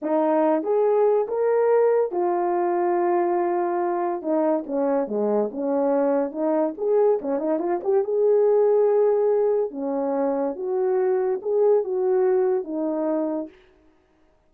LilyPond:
\new Staff \with { instrumentName = "horn" } { \time 4/4 \tempo 4 = 142 dis'4. gis'4. ais'4~ | ais'4 f'2.~ | f'2 dis'4 cis'4 | gis4 cis'2 dis'4 |
gis'4 cis'8 dis'8 f'8 g'8 gis'4~ | gis'2. cis'4~ | cis'4 fis'2 gis'4 | fis'2 dis'2 | }